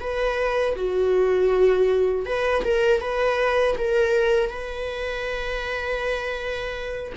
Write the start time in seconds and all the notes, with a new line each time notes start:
0.00 B4
0.75 F#4
2.25 B4
2.64 A#4
3.01 B4
3.77 A#4
4.49 B4